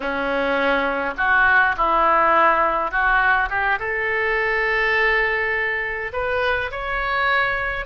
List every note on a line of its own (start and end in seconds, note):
0.00 1.14 C#4
1.17 1.75 F#4
1.77 2.91 E4
2.91 3.49 F#4
3.49 3.78 G4
3.79 6.12 A4
6.12 6.70 B4
6.71 7.85 C#5